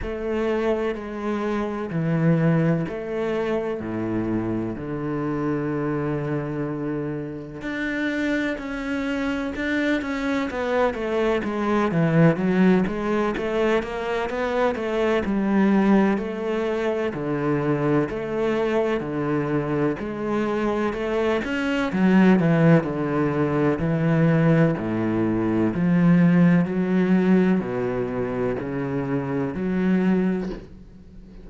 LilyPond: \new Staff \with { instrumentName = "cello" } { \time 4/4 \tempo 4 = 63 a4 gis4 e4 a4 | a,4 d2. | d'4 cis'4 d'8 cis'8 b8 a8 | gis8 e8 fis8 gis8 a8 ais8 b8 a8 |
g4 a4 d4 a4 | d4 gis4 a8 cis'8 fis8 e8 | d4 e4 a,4 f4 | fis4 b,4 cis4 fis4 | }